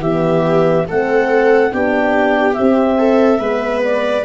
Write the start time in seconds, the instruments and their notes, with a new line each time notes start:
0.00 tuba E3, horn B3, viola G4, clarinet E5
0.88 tuba A3, horn C4, viola A4, clarinet F#5
1.71 tuba B3, horn D4, viola G4, clarinet G5
2.53 horn C4, tuba C4, clarinet E5
2.98 viola A4
3.38 tuba G#3, horn B3, viola B4
3.84 clarinet D5